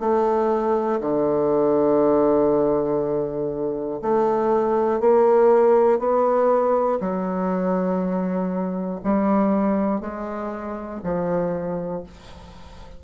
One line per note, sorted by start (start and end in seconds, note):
0.00 1.00 A3
1.00 4.00 D3
4.02 5.00 A3
5.00 5.99 A#3
5.99 6.99 B3
7.00 9.00 F#3
9.04 10.01 G3
10.01 11.01 G#3
11.04 12.04 F3